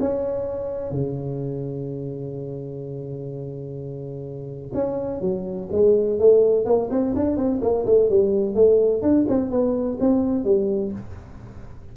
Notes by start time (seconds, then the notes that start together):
0.00 C#4
0.91 C#3
4.74 C#4
5.21 F#3
5.72 G#3
6.19 A3
6.65 A#3
6.91 C4
7.16 D4
7.37 C4
7.62 A#3
7.86 A3
8.10 G3
8.55 A3
9.02 D4
9.29 C4
9.50 B3
10.00 C4
10.44 G3